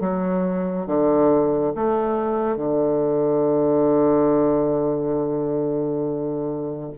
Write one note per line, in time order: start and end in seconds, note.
0.00 0.87 F#3
0.87 1.74 D3
1.75 2.57 A3
2.57 6.91 D3